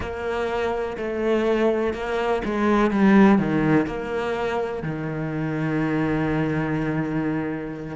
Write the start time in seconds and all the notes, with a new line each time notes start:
0.00 A#3
0.97 A3
1.94 A#3
2.45 G#3
2.90 G3
3.38 D#3
3.86 A#3
4.83 D#3